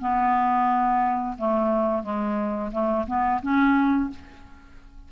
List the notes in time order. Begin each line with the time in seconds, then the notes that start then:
0.00 B3
1.37 A3
2.02 G#3
2.71 A3
3.07 B3
3.42 C#4